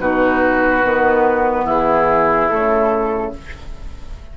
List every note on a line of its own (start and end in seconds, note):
0.00 0.83 B2
0.00 0.83 D#4
0.00 1.65 F#4
0.00 1.67 B4
0.84 1.65 D#3
0.84 2.50 B3
1.65 2.48 E3
1.65 3.32 E4
1.65 2.50 G#4
2.50 3.38 C#3
2.50 3.33 A3
2.50 3.33 A4